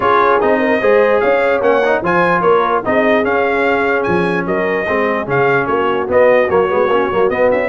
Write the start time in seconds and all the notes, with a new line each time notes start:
0.00 C#4 F4 G#4 C#5
0.40 C4 D#4 D#5
0.59 A#4
0.80 G#3 G#4 C5
1.20 C#4 C#5 F5
1.61 A#3 C#4 F#5
1.84 D#4
2.02 F3 F4 C5 G#5
2.41 A#3 A#4 C#5
2.84 C4 D#4 G#4 D#5
3.23 C#4 F5
4.03 F3 G#5
4.46 F#3 A#4 D#5
4.87 G#3 C4 G#4
5.26 C#3 C#4 F5
5.66 A#3 F#4 C#5
6.07 B3 D#5
6.49 F#3 A#3 C#5
6.68 G#3 B3
6.87 A#3 C#4
7.12 F#3 A#3
7.29 B3 D#5
7.51 C#4 E5